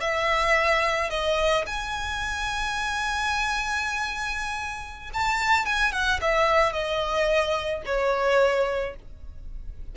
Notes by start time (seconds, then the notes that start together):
0.00 E5
1.10 D#5
1.66 G#5
5.13 A5
5.65 G#5
5.92 F#5
6.21 E5
6.73 D#5
7.85 C#5